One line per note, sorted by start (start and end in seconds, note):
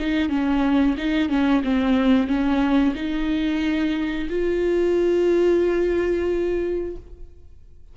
0.00 0.29 D#4
0.29 0.96 C#4
0.98 1.29 D#4
1.29 1.63 C#4
1.64 2.28 C4
2.28 2.95 C#4
2.96 4.29 D#4
4.30 6.97 F4